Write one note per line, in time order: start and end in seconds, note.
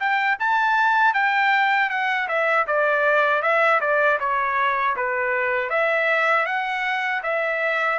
0.00 0.38 G5
0.39 1.14 A5
1.14 1.90 G5
1.90 2.28 F#5
2.28 2.66 E5
2.67 3.42 D5
3.42 3.80 E5
3.81 4.19 D5
4.20 4.96 C#5
4.96 5.70 B4
5.70 6.46 E5
6.46 7.22 F#5
7.23 7.99 E5